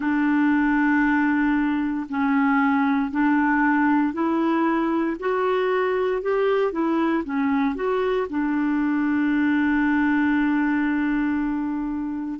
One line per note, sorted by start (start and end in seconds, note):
0.00 2.06 D4
2.09 3.11 C#4
3.11 4.13 D4
4.13 5.16 E4
5.20 6.22 F#4
6.22 6.71 G4
6.71 7.23 E4
7.24 7.75 C#4
7.75 8.27 F#4
8.29 12.39 D4